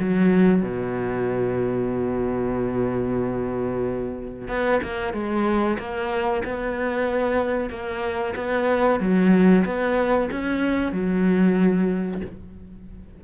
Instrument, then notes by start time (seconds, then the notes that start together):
cello
0.00 F#3
0.62 B2
4.48 B3
4.83 A#3
5.13 G#3
5.78 A#3
6.44 B3
7.70 A#3
8.36 B3
9.00 F#3
9.65 B3
10.31 C#4
10.92 F#3